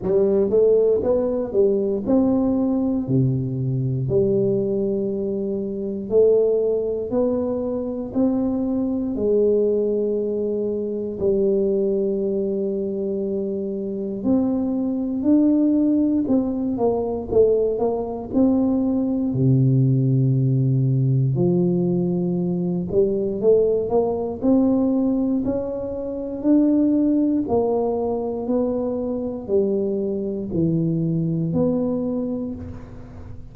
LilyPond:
\new Staff \with { instrumentName = "tuba" } { \time 4/4 \tempo 4 = 59 g8 a8 b8 g8 c'4 c4 | g2 a4 b4 | c'4 gis2 g4~ | g2 c'4 d'4 |
c'8 ais8 a8 ais8 c'4 c4~ | c4 f4. g8 a8 ais8 | c'4 cis'4 d'4 ais4 | b4 g4 e4 b4 | }